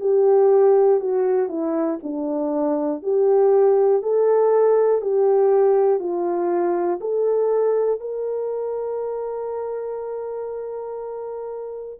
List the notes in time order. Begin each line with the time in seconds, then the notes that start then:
0.00 G4
1.00 F#4
1.49 E4
2.03 D4
3.02 G4
4.02 A4
5.01 G4
5.99 F4
7.00 A4
8.00 A#4